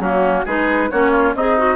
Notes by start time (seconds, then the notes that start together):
0.00 F#3 A#3 C#4 F#4
0.45 G#3 D#4 G#4 B4
0.91 A#3 C#4 F#4 C#5
1.12 F4
1.35 C4 D#4 G#4 D#5
1.58 F#4